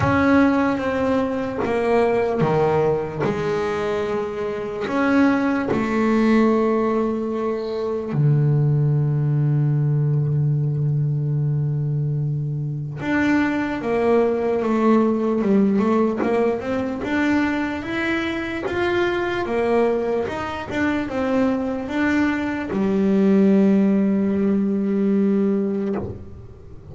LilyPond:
\new Staff \with { instrumentName = "double bass" } { \time 4/4 \tempo 4 = 74 cis'4 c'4 ais4 dis4 | gis2 cis'4 a4~ | a2 d2~ | d1 |
d'4 ais4 a4 g8 a8 | ais8 c'8 d'4 e'4 f'4 | ais4 dis'8 d'8 c'4 d'4 | g1 | }